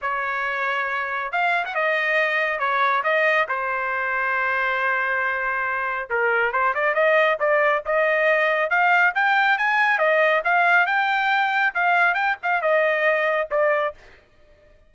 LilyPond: \new Staff \with { instrumentName = "trumpet" } { \time 4/4 \tempo 4 = 138 cis''2. f''8. fis''16 | dis''2 cis''4 dis''4 | c''1~ | c''2 ais'4 c''8 d''8 |
dis''4 d''4 dis''2 | f''4 g''4 gis''4 dis''4 | f''4 g''2 f''4 | g''8 f''8 dis''2 d''4 | }